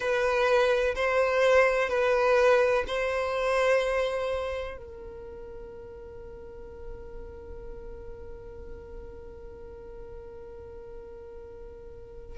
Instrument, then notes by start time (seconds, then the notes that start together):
violin
0.00 B4
0.95 C5
1.89 B4
2.87 C5
4.77 A#4